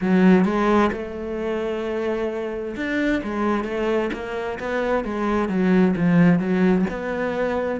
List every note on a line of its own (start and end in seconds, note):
0.01 0.44 F#3
0.44 0.90 G#3
0.92 2.75 A3
2.76 3.22 D4
3.23 3.64 G#3
3.64 4.10 A3
4.13 4.59 A#3
4.59 5.04 B3
5.04 5.48 G#3
5.48 5.94 F#3
5.96 6.39 F3
6.39 6.85 F#3
6.90 7.80 B3